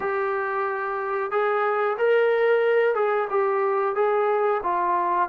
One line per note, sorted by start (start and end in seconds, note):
0.00 1.31 G4
1.31 1.97 G#4
1.98 2.95 A#4
2.95 3.28 G#4
3.30 3.95 G4
3.95 4.61 G#4
4.63 5.29 F4